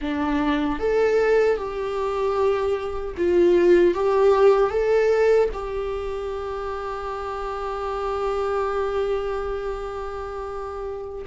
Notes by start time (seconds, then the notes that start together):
0.01 D4
0.79 A4
1.56 G4
3.17 F4
3.94 G4
4.70 A4
5.53 G4